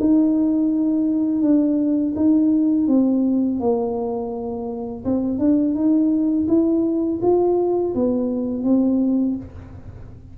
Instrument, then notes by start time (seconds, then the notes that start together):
tuba
0.00 D#4
1.42 D4
2.16 D#4
2.88 C4
3.60 A#3
5.05 C4
5.39 D4
5.75 D#4
6.48 E4
7.22 F4
7.95 B3
8.64 C4